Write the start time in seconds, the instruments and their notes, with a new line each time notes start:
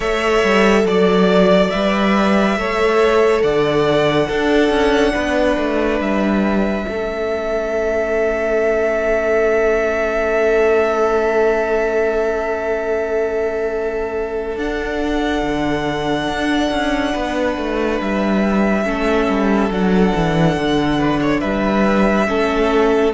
0.00 cello A3, viola A4, violin C#5 E5
0.43 cello G3
0.84 cello F#3, violin D5
1.69 cello G3, viola B4, violin E5
2.57 cello A3, viola A4, violin C#5
3.42 cello D3, violin D5 F#5
4.27 cello D4, viola D4, violin A4
4.69 cello C#4
5.13 cello B3, violin B4
5.57 cello A3
5.99 cello G3, violin E5
6.86 cello A3, viola C#4, violin A4
14.56 cello D4, viola D4, violin F#5
15.42 cello D3
16.28 cello D4
16.71 cello C#4
17.12 cello B3, violin B4
17.57 cello A3
18.00 cello G3, violin E5
18.84 cello A3, viola C#4, violin A4
19.29 cello G3
19.69 cello F#3, viola D4, violin F#5
20.15 cello E3
20.56 cello D3
20.98 violin B4
21.21 violin C#5
21.40 cello G3, violin B4 E5
22.26 cello A3, viola C#4, violin A4